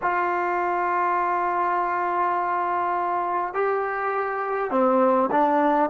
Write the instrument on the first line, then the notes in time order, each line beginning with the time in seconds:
trombone
0.02 F4
3.53 G4
4.71 C4
5.31 D4